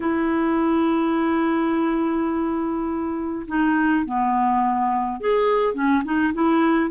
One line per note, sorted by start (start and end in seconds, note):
0.00 3.46 E4
3.47 4.05 D#4
4.05 5.20 B3
5.20 5.74 G#4
5.74 6.02 C#4
6.04 6.33 D#4
6.33 6.90 E4